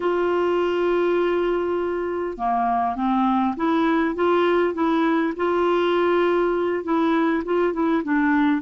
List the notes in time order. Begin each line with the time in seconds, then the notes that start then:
0.00 F4
2.37 A#3
2.95 C4
3.56 E4
4.15 F4
4.74 E4
5.36 F4
6.83 E4
7.44 F4
7.73 E4
8.03 D4